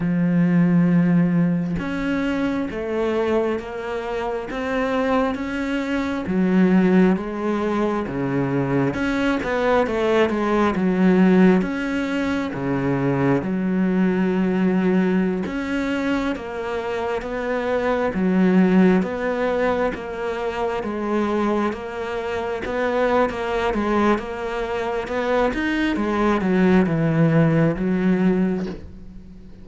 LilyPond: \new Staff \with { instrumentName = "cello" } { \time 4/4 \tempo 4 = 67 f2 cis'4 a4 | ais4 c'4 cis'4 fis4 | gis4 cis4 cis'8 b8 a8 gis8 | fis4 cis'4 cis4 fis4~ |
fis4~ fis16 cis'4 ais4 b8.~ | b16 fis4 b4 ais4 gis8.~ | gis16 ais4 b8. ais8 gis8 ais4 | b8 dis'8 gis8 fis8 e4 fis4 | }